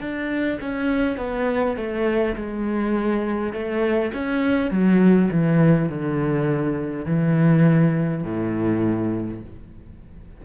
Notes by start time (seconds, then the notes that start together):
0.00 D4
0.60 C#4
1.17 B3
1.76 A3
2.35 G#3
3.53 A3
4.13 C#4
4.70 F#3
5.30 E3
5.89 D3
7.05 E3
8.23 A2